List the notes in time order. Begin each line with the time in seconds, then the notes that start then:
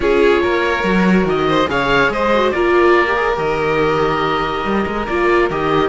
0.00 C#4 F4 G#4 C#5
0.42 A#3 A#4
0.83 F#3 F#4
1.24 D#3 D#5
1.48 C5
1.67 C#3 G#4 C#5 F5
2.08 G#3 C5 D#5
2.34 F#4
2.51 A#3 F4 A#4 D5
3.06 G4
3.15 G#4
3.34 D#3 G4 D#5
4.64 G3
4.86 G#3
5.06 A#3 F4 D5
5.50 D#3 G4 D#5